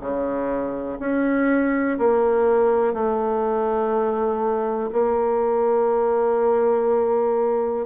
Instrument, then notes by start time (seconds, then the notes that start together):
bassoon
0.00 C#3
1.00 C#4
1.98 A#3
2.93 A3
4.92 A#3